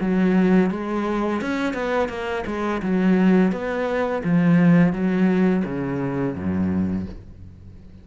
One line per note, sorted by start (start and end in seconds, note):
0.00 0.70 F#3
0.70 1.41 G#3
1.41 1.73 C#4
1.73 2.09 B3
2.09 2.44 A#3
2.46 2.81 G#3
2.82 3.52 F#3
3.52 4.22 B3
4.24 4.93 F3
4.93 5.63 F#3
5.64 6.35 C#3
6.35 7.06 F#2